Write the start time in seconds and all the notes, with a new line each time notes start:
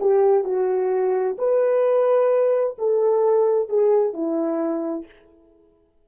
0.00 G4
0.44 F#4
1.38 B4
2.78 A4
3.69 G#4
4.13 E4